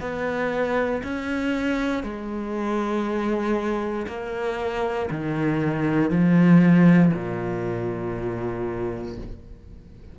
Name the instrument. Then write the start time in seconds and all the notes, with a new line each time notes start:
cello
0.00 B3
1.03 C#4
2.03 G#3
4.07 A#3
5.10 D#3
6.10 F3
7.14 A#2